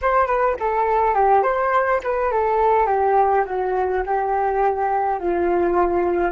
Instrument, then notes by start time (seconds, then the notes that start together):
flute
0.01 C5
0.26 B4
0.59 A4
1.14 G4
1.43 C5
2.03 B4
2.31 A4
2.86 G4
3.45 F#4
4.06 G4
5.19 F4